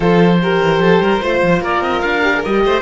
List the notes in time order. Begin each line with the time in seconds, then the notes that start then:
0.00 F3 F4 A4 C5
0.41 G4 A#4
0.62 E3
0.79 F3 A4
1.00 G3 A#4
1.21 A3 F4 C5
1.42 F3
1.60 A#3 A#4 D5
1.80 C4 D#5
2.01 D4 F5
2.23 G4
2.34 G#4
2.44 G3 G4 D#5
2.64 A3 C5